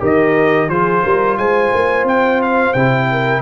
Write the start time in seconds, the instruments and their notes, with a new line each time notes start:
0.00 tuba D#3, trombone G4, horn A#4, trumpet D#5
0.69 tuba F3, trombone F4, horn G#4, trumpet C5
1.04 tuba G3, horn A#4
1.38 tuba G#3, horn C5, trumpet G#5
1.75 tuba A#3
2.04 tuba C4, trumpet G5
2.42 trumpet F5
2.73 tuba C3, trombone E4, trumpet G5
3.11 horn A#4